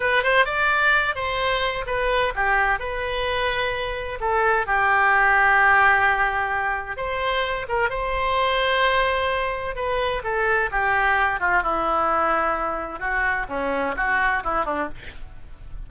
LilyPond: \new Staff \with { instrumentName = "oboe" } { \time 4/4 \tempo 4 = 129 b'8 c''8 d''4. c''4. | b'4 g'4 b'2~ | b'4 a'4 g'2~ | g'2. c''4~ |
c''8 ais'8 c''2.~ | c''4 b'4 a'4 g'4~ | g'8 f'8 e'2. | fis'4 cis'4 fis'4 e'8 d'8 | }